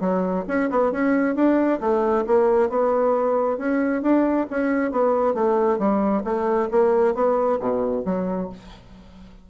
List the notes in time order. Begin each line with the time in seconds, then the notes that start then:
0.00 F#3
0.47 C#4
0.70 B3
0.92 C#4
1.35 D4
1.80 A3
2.26 A#3
2.69 B3
3.58 C#4
4.02 D4
4.50 C#4
4.91 B3
5.34 A3
5.78 G3
6.24 A3
6.71 A#3
7.14 B3
7.60 B2
8.05 F#3